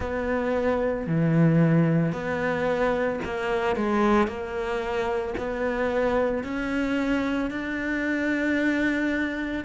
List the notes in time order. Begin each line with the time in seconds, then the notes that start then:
0.00 B3
1.07 E3
2.12 B3
3.24 A#3
3.75 G#3
4.27 A#3
5.37 B3
6.43 C#4
7.50 D4